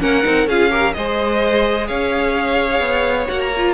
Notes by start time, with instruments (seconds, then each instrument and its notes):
0.00 cello A#3, viola C#4, violin A#4 F#5
0.22 cello C4, viola D#4
0.46 cello C#4, viola F4, violin G#4 F5
0.70 viola G4, violin A#4
0.93 cello G#3, viola G#4, violin C5 D#5
1.87 cello C#4, violin C#5 F5
2.79 cello B3
3.27 cello A#3, viola F#4, violin F#5
3.40 violin A#5
3.57 viola F4